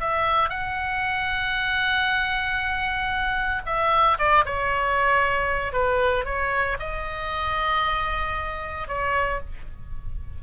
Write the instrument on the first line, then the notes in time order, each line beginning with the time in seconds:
oboe
0.00 E5
0.50 F#5
3.66 E5
4.19 D5
4.46 C#5
5.73 B4
6.25 C#5
6.79 D#5
8.88 C#5